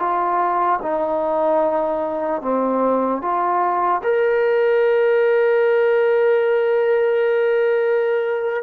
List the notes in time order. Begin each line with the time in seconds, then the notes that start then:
0.00 F4
0.83 D#4
2.42 C4
3.22 F4
4.04 A#4